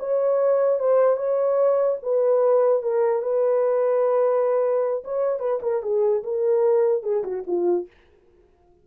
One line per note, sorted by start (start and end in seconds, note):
0.00 0.80 C#5
0.80 1.17 C5
1.17 1.97 C#5
2.03 2.83 B4
2.83 3.23 A#4
3.23 5.04 B4
5.05 5.40 C#5
5.40 5.60 B4
5.63 5.83 A#4
5.83 6.23 G#4
6.24 7.04 A#4
7.04 7.24 G#4
7.24 7.44 F#4
7.47 7.88 F4